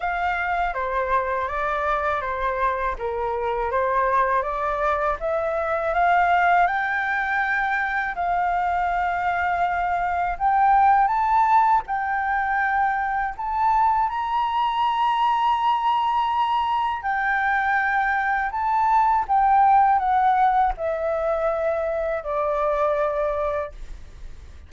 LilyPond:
\new Staff \with { instrumentName = "flute" } { \time 4/4 \tempo 4 = 81 f''4 c''4 d''4 c''4 | ais'4 c''4 d''4 e''4 | f''4 g''2 f''4~ | f''2 g''4 a''4 |
g''2 a''4 ais''4~ | ais''2. g''4~ | g''4 a''4 g''4 fis''4 | e''2 d''2 | }